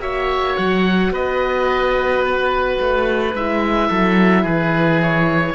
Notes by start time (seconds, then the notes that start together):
0.00 A#3 F#4 C#5 E5
0.57 F#3 F#5
1.11 B3 B4 D#5
2.26 B4
2.81 A3
3.34 G#3 E4 E5
3.90 F#3 A4
4.43 E3 G#4 B4
5.03 C#5